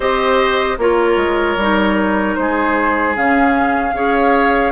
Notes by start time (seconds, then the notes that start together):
0.00 C4 G4 C5 D#5
0.77 A#3 F4 A#4 C#5
1.16 G#3
1.56 G3 D#4
2.35 G#3 G#4 C5
3.16 C#3 C#4 F5
3.93 C#4 G#4 C#5